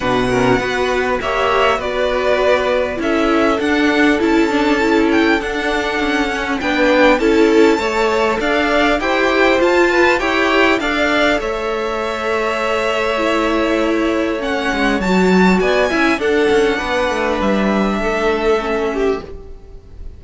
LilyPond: <<
  \new Staff \with { instrumentName = "violin" } { \time 4/4 \tempo 4 = 100 fis''2 e''4 d''4~ | d''4 e''4 fis''4 a''4~ | a''8 g''8 fis''2 g''4 | a''2 f''4 g''4 |
a''4 g''4 f''4 e''4~ | e''1 | fis''4 a''4 gis''4 fis''4~ | fis''4 e''2. | }
  \new Staff \with { instrumentName = "violin" } { \time 4/4 b'8 ais'8 b'4 cis''4 b'4~ | b'4 a'2.~ | a'2. b'4 | a'4 cis''4 d''4 c''4~ |
c''8 b'8 cis''4 d''4 cis''4~ | cis''1~ | cis''2 d''8 e''8 a'4 | b'2 a'4. g'8 | }
  \new Staff \with { instrumentName = "viola" } { \time 4/4 d'8 cis'8 fis'4 g'4 fis'4~ | fis'4 e'4 d'4 e'8 d'8 | e'4 d'4. cis'8 d'4 | e'4 a'2 g'4 |
f'4 g'4 a'2~ | a'2 e'2 | cis'4 fis'4. e'8 d'4~ | d'2. cis'4 | }
  \new Staff \with { instrumentName = "cello" } { \time 4/4 b,4 b4 ais4 b4~ | b4 cis'4 d'4 cis'4~ | cis'4 d'4 cis'4 b4 | cis'4 a4 d'4 e'4 |
f'4 e'4 d'4 a4~ | a1~ | a8 gis8 fis4 b8 cis'8 d'8 cis'8 | b8 a8 g4 a2 | }
>>